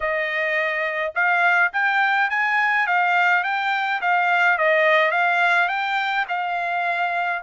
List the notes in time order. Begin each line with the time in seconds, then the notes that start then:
0.00 D#5
1.14 F5
1.72 G5
2.30 G#5
2.86 F5
3.43 G5
4.01 F5
4.58 D#5
5.11 F5
5.68 G5
6.28 F5